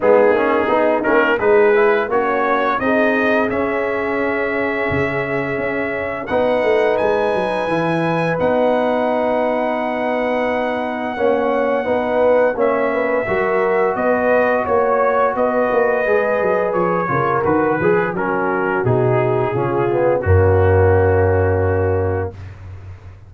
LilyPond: <<
  \new Staff \with { instrumentName = "trumpet" } { \time 4/4 \tempo 4 = 86 gis'4. ais'8 b'4 cis''4 | dis''4 e''2.~ | e''4 fis''4 gis''2 | fis''1~ |
fis''2 e''2 | dis''4 cis''4 dis''2 | cis''4 b'4 ais'4 gis'4~ | gis'4 fis'2. | }
  \new Staff \with { instrumentName = "horn" } { \time 4/4 dis'2 gis'4 cis'4 | gis'1~ | gis'4 b'2.~ | b'1 |
cis''4 b'4 cis''8 b'8 ais'4 | b'4 cis''4 b'2~ | b'8 ais'4 gis'8 fis'2 | f'4 cis'2. | }
  \new Staff \with { instrumentName = "trombone" } { \time 4/4 b8 cis'8 dis'8 cis'8 dis'8 e'8 fis'4 | dis'4 cis'2.~ | cis'4 dis'2 e'4 | dis'1 |
cis'4 dis'4 cis'4 fis'4~ | fis'2. gis'4~ | gis'8 f'8 fis'8 gis'8 cis'4 dis'4 | cis'8 b8 ais2. | }
  \new Staff \with { instrumentName = "tuba" } { \time 4/4 gis8 ais8 b8 ais8 gis4 ais4 | c'4 cis'2 cis4 | cis'4 b8 a8 gis8 fis8 e4 | b1 |
ais4 b4 ais4 fis4 | b4 ais4 b8 ais8 gis8 fis8 | f8 cis8 dis8 f8 fis4 b,4 | cis4 fis,2. | }
>>